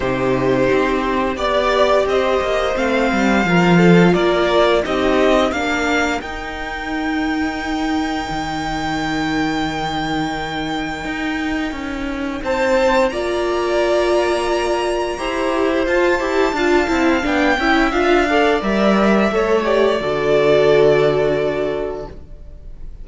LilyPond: <<
  \new Staff \with { instrumentName = "violin" } { \time 4/4 \tempo 4 = 87 c''2 d''4 dis''4 | f''2 d''4 dis''4 | f''4 g''2.~ | g''1~ |
g''2 a''4 ais''4~ | ais''2. a''4~ | a''4 g''4 f''4 e''4~ | e''8 d''2.~ d''8 | }
  \new Staff \with { instrumentName = "violin" } { \time 4/4 g'2 d''4 c''4~ | c''4 ais'8 a'8 ais'4 g'4 | ais'1~ | ais'1~ |
ais'2 c''4 d''4~ | d''2 c''2 | f''4. e''4 d''4. | cis''4 a'2. | }
  \new Staff \with { instrumentName = "viola" } { \time 4/4 dis'2 g'2 | c'4 f'2 dis'4 | d'4 dis'2.~ | dis'1~ |
dis'2. f'4~ | f'2 g'4 f'8 g'8 | f'8 e'8 d'8 e'8 f'8 a'8 ais'4 | a'8 g'8 fis'2. | }
  \new Staff \with { instrumentName = "cello" } { \time 4/4 c4 c'4 b4 c'8 ais8 | a8 g8 f4 ais4 c'4 | ais4 dis'2. | dis1 |
dis'4 cis'4 c'4 ais4~ | ais2 e'4 f'8 e'8 | d'8 c'8 b8 cis'8 d'4 g4 | a4 d2. | }
>>